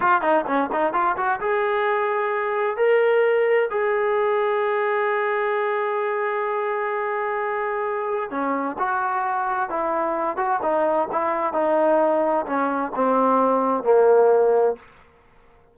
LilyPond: \new Staff \with { instrumentName = "trombone" } { \time 4/4 \tempo 4 = 130 f'8 dis'8 cis'8 dis'8 f'8 fis'8 gis'4~ | gis'2 ais'2 | gis'1~ | gis'1~ |
gis'2 cis'4 fis'4~ | fis'4 e'4. fis'8 dis'4 | e'4 dis'2 cis'4 | c'2 ais2 | }